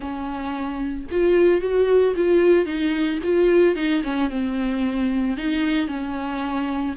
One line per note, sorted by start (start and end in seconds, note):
0.00 1.06 C#4
1.11 1.61 F4
1.61 2.14 F#4
2.16 2.65 F4
2.65 3.19 D#4
3.23 3.75 F4
3.75 4.02 D#4
4.03 4.30 C#4
4.30 5.37 C4
5.37 5.87 D#4
5.87 6.94 C#4